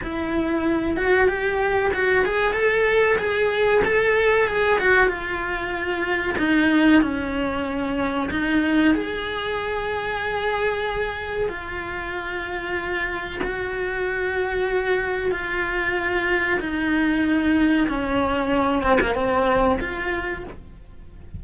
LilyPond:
\new Staff \with { instrumentName = "cello" } { \time 4/4 \tempo 4 = 94 e'4. fis'8 g'4 fis'8 gis'8 | a'4 gis'4 a'4 gis'8 fis'8 | f'2 dis'4 cis'4~ | cis'4 dis'4 gis'2~ |
gis'2 f'2~ | f'4 fis'2. | f'2 dis'2 | cis'4. c'16 ais16 c'4 f'4 | }